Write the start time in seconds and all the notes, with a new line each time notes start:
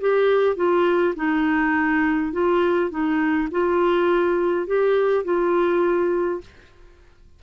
0.00 G4
0.56 F4
1.15 D#4
2.32 F4
2.90 D#4
3.51 F4
4.67 G4
5.24 F4